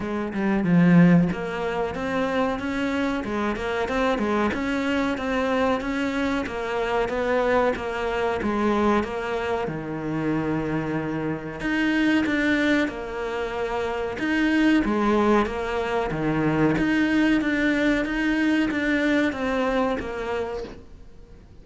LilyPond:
\new Staff \with { instrumentName = "cello" } { \time 4/4 \tempo 4 = 93 gis8 g8 f4 ais4 c'4 | cis'4 gis8 ais8 c'8 gis8 cis'4 | c'4 cis'4 ais4 b4 | ais4 gis4 ais4 dis4~ |
dis2 dis'4 d'4 | ais2 dis'4 gis4 | ais4 dis4 dis'4 d'4 | dis'4 d'4 c'4 ais4 | }